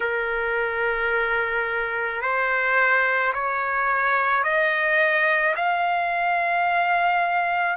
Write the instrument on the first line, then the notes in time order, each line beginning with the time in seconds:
trumpet
0.00 A#4
2.21 C5
3.33 C#5
4.43 D#5
5.56 F5